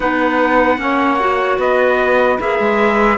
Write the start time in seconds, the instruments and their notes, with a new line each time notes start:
0.00 cello B3, clarinet D#4, saxophone B4, trumpet F#5
0.77 cello A#3, clarinet C#4, saxophone C#5
1.19 clarinet F#4
1.58 cello B3, saxophone B4, trumpet D#5
2.39 cello A#3, clarinet G#4, trumpet E5
2.59 cello G#3